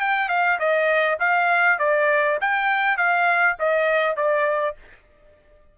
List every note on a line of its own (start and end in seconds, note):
0.00 0.28 G5
0.28 0.58 F5
0.59 1.18 D#5
1.19 1.79 F5
1.79 2.38 D5
2.41 2.97 G5
2.97 3.56 F5
3.59 4.16 D#5
4.16 4.76 D5